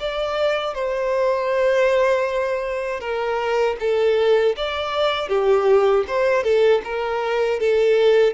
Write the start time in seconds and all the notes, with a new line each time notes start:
0.00 D5
0.75 C5
3.01 A#4
3.80 A4
4.57 D5
5.29 G4
6.08 C5
6.43 A4
6.85 A#4
7.60 A4